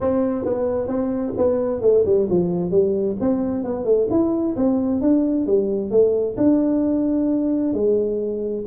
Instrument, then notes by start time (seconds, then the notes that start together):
tuba
0.00 C4
0.44 B3
0.87 C4
1.37 B3
1.81 A3
2.05 G3
2.29 F3
2.70 G3
3.20 C4
3.64 B3
3.85 A3
4.10 E4
4.56 C4
5.01 D4
5.46 G3
5.90 A3
6.37 D4
7.73 G#3